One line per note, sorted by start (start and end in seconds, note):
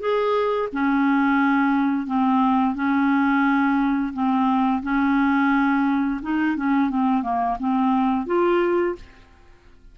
0.00 0.69 G#4
0.73 2.07 C#4
2.07 2.76 C4
2.76 4.13 C#4
4.14 4.83 C4
4.83 6.21 C#4
6.22 6.57 D#4
6.57 6.90 C#4
6.90 7.23 C4
7.23 7.57 A#3
7.60 8.27 C4
8.27 8.96 F4